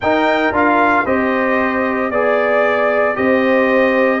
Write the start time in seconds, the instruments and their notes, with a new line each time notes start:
0.00 tuba D#4, trombone D#4, horn A#4, trumpet G5
0.51 tuba D4, trombone F4, trumpet F5
1.04 tuba C4, trombone G4, horn C5, trumpet D#5
2.10 tuba B3, trombone G#4, trumpet D5, horn D5
3.14 tuba C4, trombone G4, horn C5, trumpet D#5